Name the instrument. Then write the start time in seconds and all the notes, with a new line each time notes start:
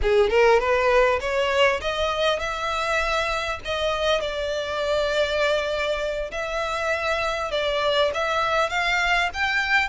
violin
0.01 G#4
0.30 A#4
0.59 B4
1.20 C#5
1.81 D#5
2.39 E5
3.64 D#5
4.20 D5
6.31 E5
7.51 D5
8.14 E5
8.69 F5
9.33 G5